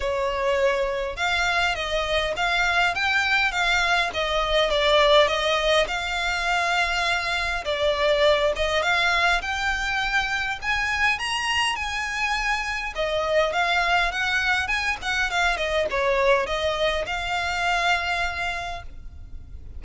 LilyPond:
\new Staff \with { instrumentName = "violin" } { \time 4/4 \tempo 4 = 102 cis''2 f''4 dis''4 | f''4 g''4 f''4 dis''4 | d''4 dis''4 f''2~ | f''4 d''4. dis''8 f''4 |
g''2 gis''4 ais''4 | gis''2 dis''4 f''4 | fis''4 gis''8 fis''8 f''8 dis''8 cis''4 | dis''4 f''2. | }